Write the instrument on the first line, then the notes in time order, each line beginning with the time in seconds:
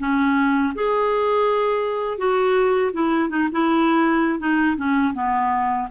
clarinet
0.00 C#4
0.75 G#4
2.18 F#4
2.93 E4
3.30 D#4
3.52 E4
4.39 D#4
4.77 C#4
5.14 B3